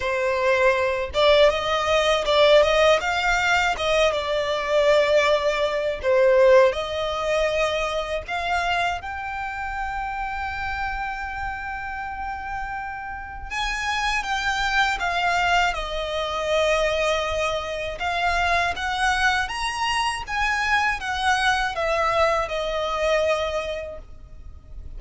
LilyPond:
\new Staff \with { instrumentName = "violin" } { \time 4/4 \tempo 4 = 80 c''4. d''8 dis''4 d''8 dis''8 | f''4 dis''8 d''2~ d''8 | c''4 dis''2 f''4 | g''1~ |
g''2 gis''4 g''4 | f''4 dis''2. | f''4 fis''4 ais''4 gis''4 | fis''4 e''4 dis''2 | }